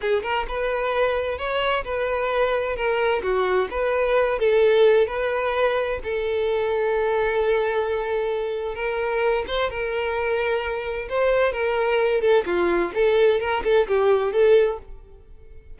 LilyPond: \new Staff \with { instrumentName = "violin" } { \time 4/4 \tempo 4 = 130 gis'8 ais'8 b'2 cis''4 | b'2 ais'4 fis'4 | b'4. a'4. b'4~ | b'4 a'2.~ |
a'2. ais'4~ | ais'8 c''8 ais'2. | c''4 ais'4. a'8 f'4 | a'4 ais'8 a'8 g'4 a'4 | }